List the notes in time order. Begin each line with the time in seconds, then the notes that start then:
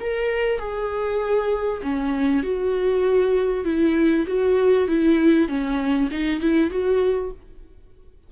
0.00 A#4
0.59 G#4
1.82 C#4
2.43 F#4
3.65 E4
4.27 F#4
4.88 E4
5.48 C#4
6.11 D#4
6.41 E4
6.70 F#4